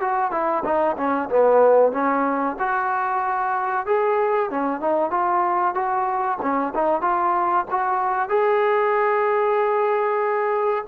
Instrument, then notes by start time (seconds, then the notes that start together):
trombone
0.00 F#4
0.31 E4
0.64 D#4
0.97 C#4
1.29 B3
1.92 C#4
2.59 F#4
3.86 G#4
4.50 C#4
4.80 D#4
5.10 F4
5.74 F#4
6.41 C#4
6.74 D#4
7.01 F4
7.70 F#4
8.29 G#4